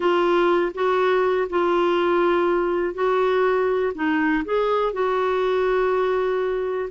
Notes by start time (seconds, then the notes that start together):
0.00 F4
0.74 F#4
1.49 F4
2.94 F#4
3.94 D#4
4.45 G#4
4.92 F#4